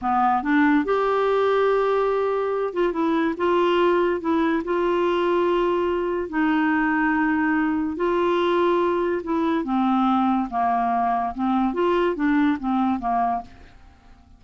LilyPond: \new Staff \with { instrumentName = "clarinet" } { \time 4/4 \tempo 4 = 143 b4 d'4 g'2~ | g'2~ g'8 f'8 e'4 | f'2 e'4 f'4~ | f'2. dis'4~ |
dis'2. f'4~ | f'2 e'4 c'4~ | c'4 ais2 c'4 | f'4 d'4 c'4 ais4 | }